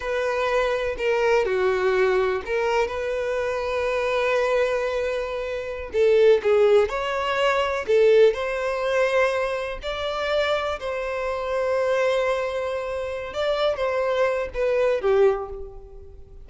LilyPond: \new Staff \with { instrumentName = "violin" } { \time 4/4 \tempo 4 = 124 b'2 ais'4 fis'4~ | fis'4 ais'4 b'2~ | b'1~ | b'16 a'4 gis'4 cis''4.~ cis''16~ |
cis''16 a'4 c''2~ c''8.~ | c''16 d''2 c''4.~ c''16~ | c''2.~ c''8 d''8~ | d''8 c''4. b'4 g'4 | }